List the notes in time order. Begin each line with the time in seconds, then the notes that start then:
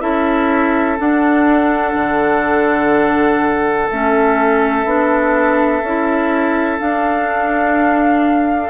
0.00 C#4 E4 A4 E5
0.98 D4 F#5
1.95 D3
3.90 A3 C#4 E5
4.85 B3 D4
5.82 C#4 E4
6.78 D4 F5